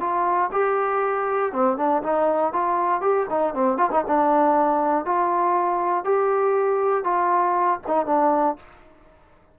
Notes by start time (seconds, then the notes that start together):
0.00 F4
0.52 G4
1.53 C4
1.77 D4
2.03 D#4
2.53 F4
3.02 G4
3.30 D#4
3.54 C4
3.78 F4
3.92 D#4
4.07 D4
5.05 F4
6.05 G4
7.04 F4
7.87 D#4
8.06 D4